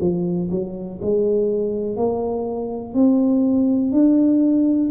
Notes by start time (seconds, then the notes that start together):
0.00 F3
0.51 F#3
1.01 G#3
1.96 A#3
2.94 C4
3.92 D4